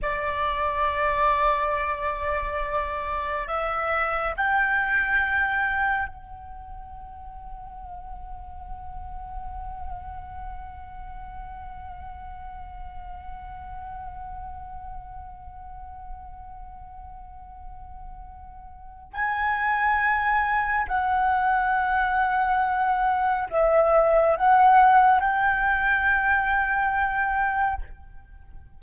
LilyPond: \new Staff \with { instrumentName = "flute" } { \time 4/4 \tempo 4 = 69 d''1 | e''4 g''2 fis''4~ | fis''1~ | fis''1~ |
fis''1~ | fis''2 gis''2 | fis''2. e''4 | fis''4 g''2. | }